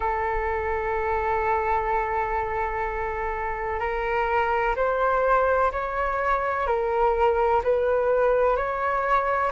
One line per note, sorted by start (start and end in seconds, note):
0.00 3.79 A4
3.79 4.74 A#4
4.76 5.71 C5
5.71 6.66 C#5
6.66 7.61 A#4
7.63 8.56 B4
8.56 9.51 C#5